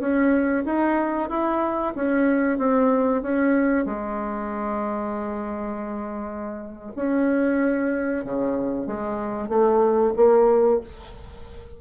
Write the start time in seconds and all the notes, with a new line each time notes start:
0.00 C#4
0.65 D#4
1.29 E4
1.96 C#4
2.58 C4
3.22 C#4
3.86 G#3
6.96 C#4
8.25 C#3
8.87 G#3
9.49 A3
10.16 A#3